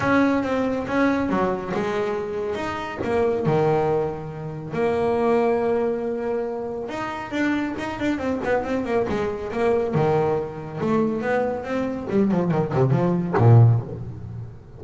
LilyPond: \new Staff \with { instrumentName = "double bass" } { \time 4/4 \tempo 4 = 139 cis'4 c'4 cis'4 fis4 | gis2 dis'4 ais4 | dis2. ais4~ | ais1 |
dis'4 d'4 dis'8 d'8 c'8 b8 | c'8 ais8 gis4 ais4 dis4~ | dis4 a4 b4 c'4 | g8 f8 dis8 c8 f4 ais,4 | }